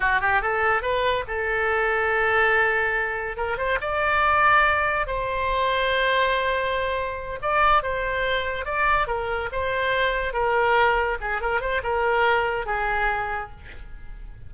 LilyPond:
\new Staff \with { instrumentName = "oboe" } { \time 4/4 \tempo 4 = 142 fis'8 g'8 a'4 b'4 a'4~ | a'1 | ais'8 c''8 d''2. | c''1~ |
c''4. d''4 c''4.~ | c''8 d''4 ais'4 c''4.~ | c''8 ais'2 gis'8 ais'8 c''8 | ais'2 gis'2 | }